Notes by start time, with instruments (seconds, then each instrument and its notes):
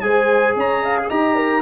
0.00 tuba G#3, trombone G#4, horn C5, trumpet G#5
0.55 tuba C#4, horn C#5, trumpet A#5
0.83 horn F5
0.97 trumpet G#4
1.09 tuba D#4, trombone G4, horn D#5, trumpet A#5
1.35 horn A#4